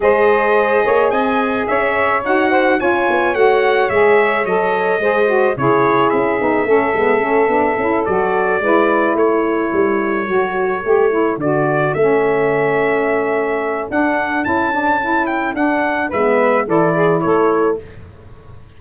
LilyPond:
<<
  \new Staff \with { instrumentName = "trumpet" } { \time 4/4 \tempo 4 = 108 dis''2 gis''4 e''4 | fis''4 gis''4 fis''4 e''4 | dis''2 cis''4 e''4~ | e''2~ e''8 d''4.~ |
d''8 cis''2.~ cis''8~ | cis''8 d''4 e''2~ e''8~ | e''4 fis''4 a''4. g''8 | fis''4 e''4 d''4 cis''4 | }
  \new Staff \with { instrumentName = "saxophone" } { \time 4/4 c''4. cis''8 dis''4 cis''4~ | cis''8 c''8 cis''2.~ | cis''4 c''4 gis'2 | a'2.~ a'8 b'8~ |
b'8 a'2.~ a'8~ | a'1~ | a'1~ | a'4 b'4 a'8 gis'8 a'4 | }
  \new Staff \with { instrumentName = "saxophone" } { \time 4/4 gis'1 | fis'4 f'4 fis'4 gis'4 | a'4 gis'8 fis'8 e'4. dis'8 | cis'8 b8 cis'8 d'8 e'8 fis'4 e'8~ |
e'2~ e'8 fis'4 g'8 | e'8 fis'4 cis'2~ cis'8~ | cis'4 d'4 e'8 d'8 e'4 | d'4 b4 e'2 | }
  \new Staff \with { instrumentName = "tuba" } { \time 4/4 gis4. ais8 c'4 cis'4 | dis'4 cis'8 b8 a4 gis4 | fis4 gis4 cis4 cis'8 b8 | a8 gis8 a8 b8 cis'8 fis4 gis8~ |
gis8 a4 g4 fis4 a8~ | a8 d4 a2~ a8~ | a4 d'4 cis'2 | d'4 gis4 e4 a4 | }
>>